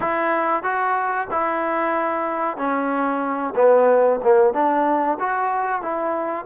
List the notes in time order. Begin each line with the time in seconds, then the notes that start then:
0.00 E4
0.63 F#4
1.30 E4
2.57 C#4
3.55 B3
4.23 A#3
4.53 D4
5.19 F#4
5.82 E4